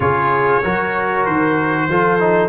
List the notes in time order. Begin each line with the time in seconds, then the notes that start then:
0.00 C#3 F4 G#4 C#5
0.62 F#3 F#4 A#4
1.25 D#3 C5
1.88 F3 F4 A4
2.19 D#4